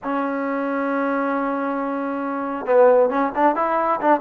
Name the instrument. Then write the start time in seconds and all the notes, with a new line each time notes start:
trombone
0.03 C#4
2.65 B3
3.09 C#4
3.35 D4
3.55 E4
4.00 D4